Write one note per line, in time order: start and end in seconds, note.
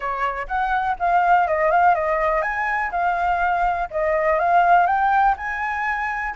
0.00 0.47 C#5
0.47 0.96 F#5
0.99 1.47 F5
1.47 1.71 D#5
1.71 1.94 F5
1.94 2.41 D#5
2.41 2.90 G#5
2.91 3.88 F5
3.90 4.39 D#5
4.39 4.86 F5
4.86 5.35 G5
5.37 6.34 G#5